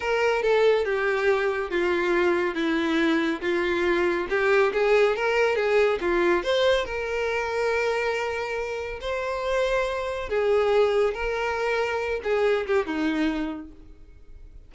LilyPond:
\new Staff \with { instrumentName = "violin" } { \time 4/4 \tempo 4 = 140 ais'4 a'4 g'2 | f'2 e'2 | f'2 g'4 gis'4 | ais'4 gis'4 f'4 c''4 |
ais'1~ | ais'4 c''2. | gis'2 ais'2~ | ais'8 gis'4 g'8 dis'2 | }